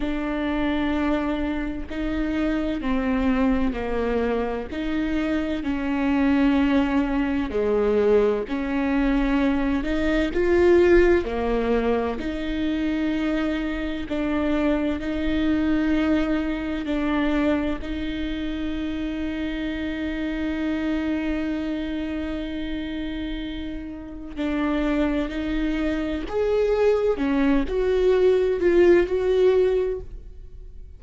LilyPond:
\new Staff \with { instrumentName = "viola" } { \time 4/4 \tempo 4 = 64 d'2 dis'4 c'4 | ais4 dis'4 cis'2 | gis4 cis'4. dis'8 f'4 | ais4 dis'2 d'4 |
dis'2 d'4 dis'4~ | dis'1~ | dis'2 d'4 dis'4 | gis'4 cis'8 fis'4 f'8 fis'4 | }